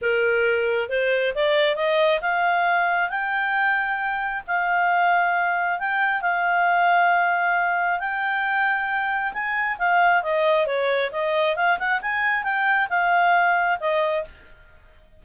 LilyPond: \new Staff \with { instrumentName = "clarinet" } { \time 4/4 \tempo 4 = 135 ais'2 c''4 d''4 | dis''4 f''2 g''4~ | g''2 f''2~ | f''4 g''4 f''2~ |
f''2 g''2~ | g''4 gis''4 f''4 dis''4 | cis''4 dis''4 f''8 fis''8 gis''4 | g''4 f''2 dis''4 | }